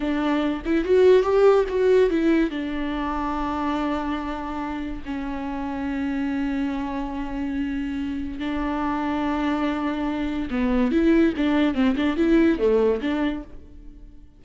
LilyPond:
\new Staff \with { instrumentName = "viola" } { \time 4/4 \tempo 4 = 143 d'4. e'8 fis'4 g'4 | fis'4 e'4 d'2~ | d'1 | cis'1~ |
cis'1 | d'1~ | d'4 b4 e'4 d'4 | c'8 d'8 e'4 a4 d'4 | }